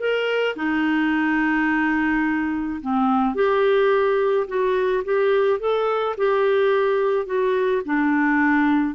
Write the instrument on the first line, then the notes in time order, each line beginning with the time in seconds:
clarinet
0.00 A#4
0.57 D#4
2.82 C4
3.35 G4
4.48 F#4
5.05 G4
5.60 A4
6.18 G4
7.26 F#4
7.86 D4